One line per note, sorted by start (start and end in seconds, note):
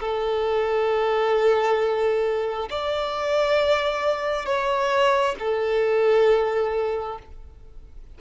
0.00 2.69 A4
2.70 4.46 D5
4.46 5.35 C#5
5.39 7.18 A4